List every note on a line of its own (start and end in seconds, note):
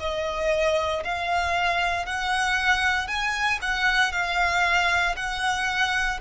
0.00 1.03 D#5
1.04 2.05 F5
2.05 3.07 F#5
3.07 3.59 G#5
3.62 4.12 F#5
4.12 5.15 F5
5.16 6.20 F#5